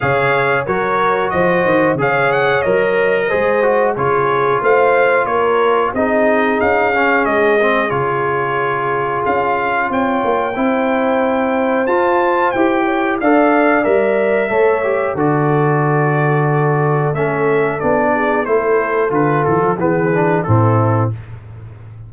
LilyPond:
<<
  \new Staff \with { instrumentName = "trumpet" } { \time 4/4 \tempo 4 = 91 f''4 cis''4 dis''4 f''8 fis''8 | dis''2 cis''4 f''4 | cis''4 dis''4 f''4 dis''4 | cis''2 f''4 g''4~ |
g''2 a''4 g''4 | f''4 e''2 d''4~ | d''2 e''4 d''4 | c''4 b'8 a'8 b'4 a'4 | }
  \new Staff \with { instrumentName = "horn" } { \time 4/4 cis''4 ais'4 c''4 cis''4~ | cis''4 c''4 gis'4 c''4 | ais'4 gis'2.~ | gis'2. cis''4 |
c''2.~ c''8 cis''8 | d''2 cis''4 a'4~ | a'2.~ a'8 gis'8 | a'2 gis'4 e'4 | }
  \new Staff \with { instrumentName = "trombone" } { \time 4/4 gis'4 fis'2 gis'4 | ais'4 gis'8 fis'8 f'2~ | f'4 dis'4. cis'4 c'8 | f'1 |
e'2 f'4 g'4 | a'4 ais'4 a'8 g'8 fis'4~ | fis'2 cis'4 d'4 | e'4 f'4 b8 d'8 c'4 | }
  \new Staff \with { instrumentName = "tuba" } { \time 4/4 cis4 fis4 f8 dis8 cis4 | fis4 gis4 cis4 a4 | ais4 c'4 cis'4 gis4 | cis2 cis'4 c'8 ais8 |
c'2 f'4 e'4 | d'4 g4 a4 d4~ | d2 a4 b4 | a4 d8 e16 f16 e4 a,4 | }
>>